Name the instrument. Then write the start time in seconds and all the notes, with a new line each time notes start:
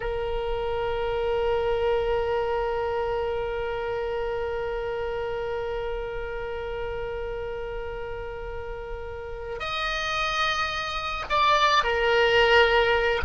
oboe
0.00 A#4
9.59 D#5
11.29 D5
11.83 A#4